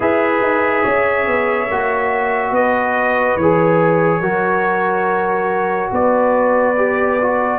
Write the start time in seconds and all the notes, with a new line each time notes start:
0.00 E4 G#4 B4 E5
0.42 D#4
0.83 C#4 C#5
1.27 B3
1.70 A#3 F#4
2.51 B3 B4 D#5
3.36 E3 G#4 C#5
4.20 F#3 F#4 A#4
5.91 B3 B4 D5
6.77 G4
7.21 F#4